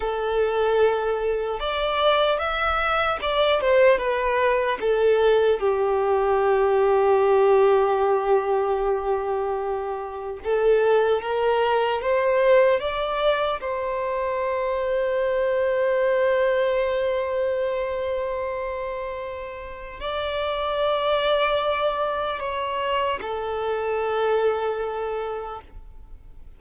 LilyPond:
\new Staff \with { instrumentName = "violin" } { \time 4/4 \tempo 4 = 75 a'2 d''4 e''4 | d''8 c''8 b'4 a'4 g'4~ | g'1~ | g'4 a'4 ais'4 c''4 |
d''4 c''2.~ | c''1~ | c''4 d''2. | cis''4 a'2. | }